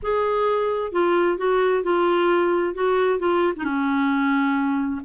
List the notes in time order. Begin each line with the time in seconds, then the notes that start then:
0.02 G#4
0.92 F4
1.37 F#4
1.83 F4
2.74 F#4
3.19 F4
3.56 D#4
3.63 C#4